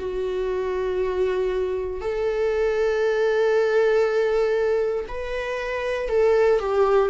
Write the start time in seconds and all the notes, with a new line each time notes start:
0.00 F#4
2.01 A4
5.08 B4
6.09 A4
6.60 G4